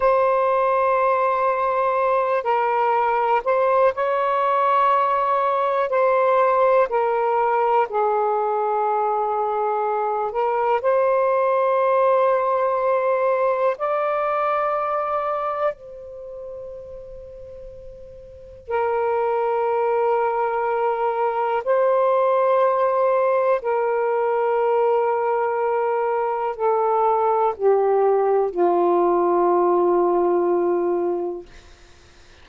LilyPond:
\new Staff \with { instrumentName = "saxophone" } { \time 4/4 \tempo 4 = 61 c''2~ c''8 ais'4 c''8 | cis''2 c''4 ais'4 | gis'2~ gis'8 ais'8 c''4~ | c''2 d''2 |
c''2. ais'4~ | ais'2 c''2 | ais'2. a'4 | g'4 f'2. | }